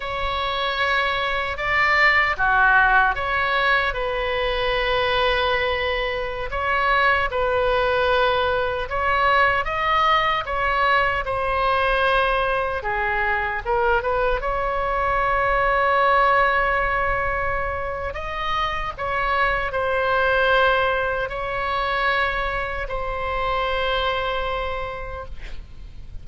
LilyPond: \new Staff \with { instrumentName = "oboe" } { \time 4/4 \tempo 4 = 76 cis''2 d''4 fis'4 | cis''4 b'2.~ | b'16 cis''4 b'2 cis''8.~ | cis''16 dis''4 cis''4 c''4.~ c''16~ |
c''16 gis'4 ais'8 b'8 cis''4.~ cis''16~ | cis''2. dis''4 | cis''4 c''2 cis''4~ | cis''4 c''2. | }